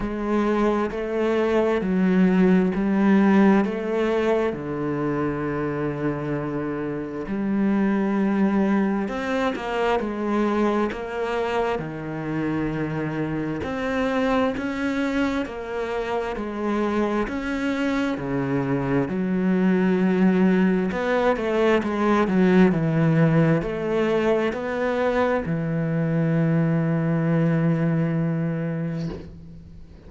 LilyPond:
\new Staff \with { instrumentName = "cello" } { \time 4/4 \tempo 4 = 66 gis4 a4 fis4 g4 | a4 d2. | g2 c'8 ais8 gis4 | ais4 dis2 c'4 |
cis'4 ais4 gis4 cis'4 | cis4 fis2 b8 a8 | gis8 fis8 e4 a4 b4 | e1 | }